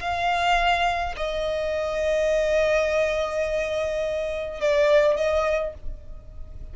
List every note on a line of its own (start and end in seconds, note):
0.00 1.15 F5
1.17 4.61 D#5
4.61 5.17 D5
5.17 5.74 D#5